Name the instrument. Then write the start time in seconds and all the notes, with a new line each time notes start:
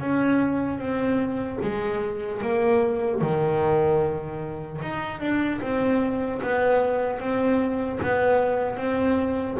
double bass
0.00 C#4
0.78 C4
1.63 G#3
2.42 A#3
3.21 D#3
4.81 D#4
5.20 D4
5.61 C4
6.42 B3
7.19 C4
8.03 B3
8.77 C4